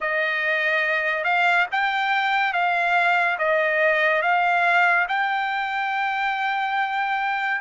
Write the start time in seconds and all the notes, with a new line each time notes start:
0.00 D#5
1.24 F5
1.71 G5
2.53 F5
3.38 D#5
4.22 F5
5.08 G5